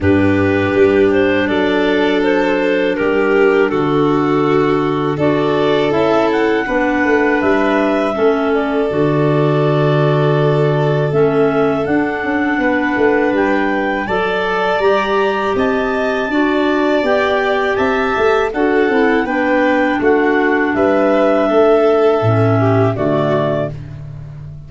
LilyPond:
<<
  \new Staff \with { instrumentName = "clarinet" } { \time 4/4 \tempo 4 = 81 b'4. c''8 d''4 c''4 | ais'4 a'2 d''4 | e''8 fis''4. e''4. d''8~ | d''2. e''4 |
fis''2 g''4 a''4 | ais''4 a''2 g''4 | a''4 fis''4 g''4 fis''4 | e''2. d''4 | }
  \new Staff \with { instrumentName = "violin" } { \time 4/4 g'2 a'2 | g'4 fis'2 a'4~ | a'4 b'2 a'4~ | a'1~ |
a'4 b'2 d''4~ | d''4 dis''4 d''2 | e''4 a'4 b'4 fis'4 | b'4 a'4. g'8 fis'4 | }
  \new Staff \with { instrumentName = "clarinet" } { \time 4/4 d'1~ | d'2. fis'4 | e'4 d'2 cis'4 | fis'2. cis'4 |
d'2. a'4 | g'2 fis'4 g'4~ | g'4 fis'8 e'8 d'2~ | d'2 cis'4 a4 | }
  \new Staff \with { instrumentName = "tuba" } { \time 4/4 g,4 g4 fis2 | g4 d2 d'4 | cis'4 b8 a8 g4 a4 | d2. a4 |
d'8 cis'8 b8 a8 g4 fis4 | g4 c'4 d'4 b4 | c'8 a8 d'8 c'8 b4 a4 | g4 a4 a,4 d4 | }
>>